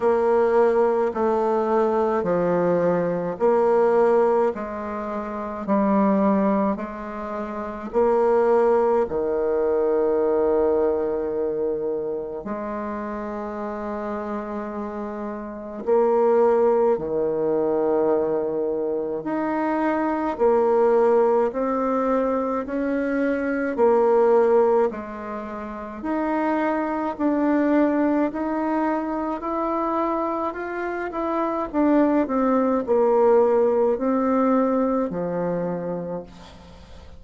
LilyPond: \new Staff \with { instrumentName = "bassoon" } { \time 4/4 \tempo 4 = 53 ais4 a4 f4 ais4 | gis4 g4 gis4 ais4 | dis2. gis4~ | gis2 ais4 dis4~ |
dis4 dis'4 ais4 c'4 | cis'4 ais4 gis4 dis'4 | d'4 dis'4 e'4 f'8 e'8 | d'8 c'8 ais4 c'4 f4 | }